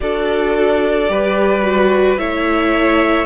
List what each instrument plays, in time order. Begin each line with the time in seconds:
0.00 cello D4, viola F#4, violin A4 D5
1.07 cello G3, viola G4, violin B4
1.62 viola F#4
2.17 cello A3, viola E4, violin C#5 E5